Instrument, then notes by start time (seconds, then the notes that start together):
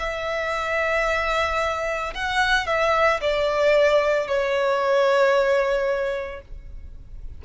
violin
0.00 E5
2.15 F#5
2.67 E5
3.21 D5
4.28 C#5